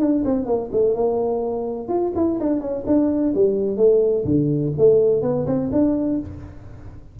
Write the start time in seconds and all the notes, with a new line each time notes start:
0.00 D4
0.25 C4
0.46 A#3
0.72 A3
0.95 A#3
1.89 F4
2.16 E4
2.40 D4
2.61 C#4
2.87 D4
3.35 G3
3.77 A3
4.25 D3
4.78 A3
5.22 B3
5.47 C4
5.72 D4